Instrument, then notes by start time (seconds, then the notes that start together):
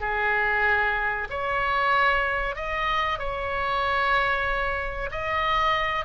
oboe
0.00 G#4
1.29 C#5
2.55 D#5
3.18 C#5
5.11 D#5